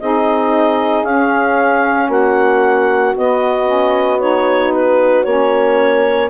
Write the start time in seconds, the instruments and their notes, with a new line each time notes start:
0.00 bassoon C4, saxophone D#4 G#4, clarinet D#5
1.04 bassoon C#4, saxophone C#4, clarinet F5
2.06 bassoon A#3, saxophone F#4, clarinet F#5
3.14 saxophone B3, bassoon B3, clarinet D#5
3.66 saxophone C#4
4.19 saxophone D#4, clarinet C#5
4.73 clarinet B4
5.25 bassoon A#3, saxophone C#4, clarinet C#5